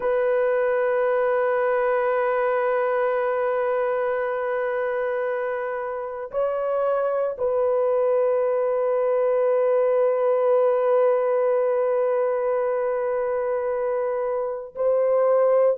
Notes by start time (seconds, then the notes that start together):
0.00 B4
6.31 C#5
7.38 B4
14.75 C5